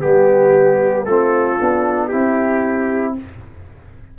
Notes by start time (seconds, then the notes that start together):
0.00 G3 B3 G4
1.04 A3 C4 F4 A4
1.59 B3 D4
2.07 C4 E4 G4